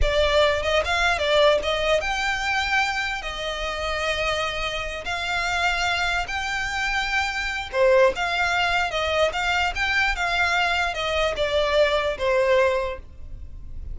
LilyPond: \new Staff \with { instrumentName = "violin" } { \time 4/4 \tempo 4 = 148 d''4. dis''8 f''4 d''4 | dis''4 g''2. | dis''1~ | dis''8 f''2. g''8~ |
g''2. c''4 | f''2 dis''4 f''4 | g''4 f''2 dis''4 | d''2 c''2 | }